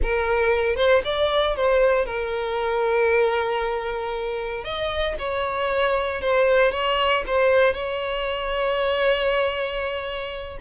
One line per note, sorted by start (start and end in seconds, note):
0.02 0.75 A#4
0.75 1.01 C5
1.04 1.55 D5
1.55 2.05 C5
2.05 4.63 A#4
4.63 5.15 D#5
5.18 6.21 C#5
6.21 6.71 C5
6.71 7.23 C#5
7.26 7.73 C5
7.73 10.58 C#5